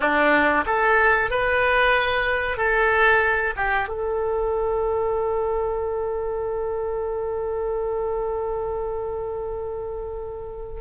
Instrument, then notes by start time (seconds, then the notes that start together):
oboe
0.00 D4
0.66 A4
1.30 B4
2.57 A4
3.56 G4
3.88 A4